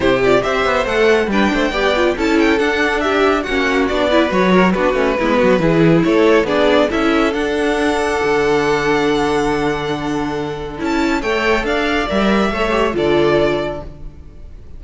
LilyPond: <<
  \new Staff \with { instrumentName = "violin" } { \time 4/4 \tempo 4 = 139 c''8 d''8 e''4 fis''4 g''4~ | g''4 a''8 g''8 fis''4 e''4 | fis''4 d''4 cis''4 b'4~ | b'2 cis''4 d''4 |
e''4 fis''2.~ | fis''1~ | fis''4 a''4 g''4 f''4 | e''2 d''2 | }
  \new Staff \with { instrumentName = "violin" } { \time 4/4 g'4 c''2 b'8 c''8 | d''4 a'2 g'4 | fis'4. b'4 ais'8 fis'4 | e'8 fis'8 gis'4 a'4 gis'4 |
a'1~ | a'1~ | a'2 cis''4 d''4~ | d''4 cis''4 a'2 | }
  \new Staff \with { instrumentName = "viola" } { \time 4/4 e'8 f'8 g'4 a'4 d'4 | g'8 f'8 e'4 d'2 | cis'4 d'8 e'8 fis'4 d'8 cis'8 | b4 e'2 d'4 |
e'4 d'2.~ | d'1~ | d'4 e'4 a'2 | ais'4 a'8 g'8 f'2 | }
  \new Staff \with { instrumentName = "cello" } { \time 4/4 c4 c'8 b8 a4 g8 a8 | b4 cis'4 d'2 | ais4 b4 fis4 b8 a8 | gis8 fis8 e4 a4 b4 |
cis'4 d'2 d4~ | d1~ | d4 cis'4 a4 d'4 | g4 a4 d2 | }
>>